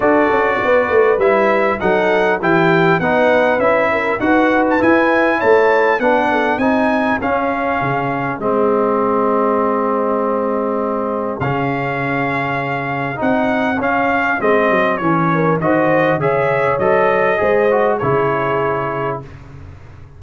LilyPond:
<<
  \new Staff \with { instrumentName = "trumpet" } { \time 4/4 \tempo 4 = 100 d''2 e''4 fis''4 | g''4 fis''4 e''4 fis''8. a''16 | gis''4 a''4 fis''4 gis''4 | f''2 dis''2~ |
dis''2. f''4~ | f''2 fis''4 f''4 | dis''4 cis''4 dis''4 e''4 | dis''2 cis''2 | }
  \new Staff \with { instrumentName = "horn" } { \time 4/4 a'4 b'2 a'4 | g'4 b'4. ais'8 b'4~ | b'4 cis''4 b'8 a'8 gis'4~ | gis'1~ |
gis'1~ | gis'1~ | gis'4. ais'8 c''4 cis''4~ | cis''4 c''4 gis'2 | }
  \new Staff \with { instrumentName = "trombone" } { \time 4/4 fis'2 e'4 dis'4 | e'4 dis'4 e'4 fis'4 | e'2 d'4 dis'4 | cis'2 c'2~ |
c'2. cis'4~ | cis'2 dis'4 cis'4 | c'4 cis'4 fis'4 gis'4 | a'4 gis'8 fis'8 e'2 | }
  \new Staff \with { instrumentName = "tuba" } { \time 4/4 d'8 cis'8 b8 a8 g4 fis4 | e4 b4 cis'4 dis'4 | e'4 a4 b4 c'4 | cis'4 cis4 gis2~ |
gis2. cis4~ | cis2 c'4 cis'4 | gis8 fis8 e4 dis4 cis4 | fis4 gis4 cis2 | }
>>